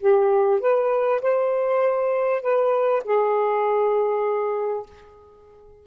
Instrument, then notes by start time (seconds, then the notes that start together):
saxophone
0.00 G4
0.60 B4
1.22 C5
2.42 B4
3.04 G#4